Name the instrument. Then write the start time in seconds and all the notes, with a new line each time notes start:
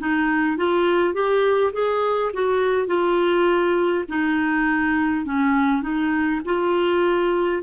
clarinet
0.00 D#4
0.58 F4
1.14 G4
1.74 G#4
2.34 F#4
2.88 F4
4.09 D#4
5.26 C#4
5.83 D#4
6.45 F4